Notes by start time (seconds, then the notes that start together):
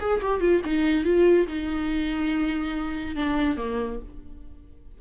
0.00 G#4
0.22 G4
0.41 F4
0.65 D#4
1.04 F4
1.48 D#4
3.16 D4
3.57 A#3